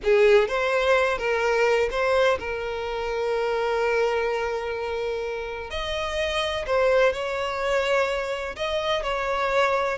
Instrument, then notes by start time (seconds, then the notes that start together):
violin
0.03 G#4
0.48 C5
1.18 A#4
1.90 C5
2.39 A#4
5.70 D#5
6.66 C5
7.12 C#5
8.55 D#5
9.02 C#5